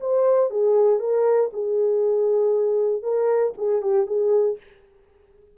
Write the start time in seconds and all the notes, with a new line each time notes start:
0.00 C5
0.50 G#4
0.99 A#4
1.53 G#4
3.03 A#4
3.57 G#4
3.82 G4
4.06 G#4